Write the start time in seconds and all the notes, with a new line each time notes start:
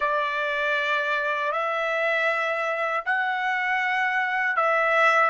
0.00 D5
1.52 E5
3.05 F#5
4.56 E5